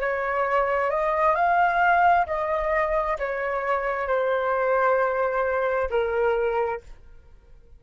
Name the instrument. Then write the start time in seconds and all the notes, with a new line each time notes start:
flute
0.00 C#5
0.90 D#5
1.35 F5
2.26 D#5
3.19 C#5
4.07 C5
5.90 A#4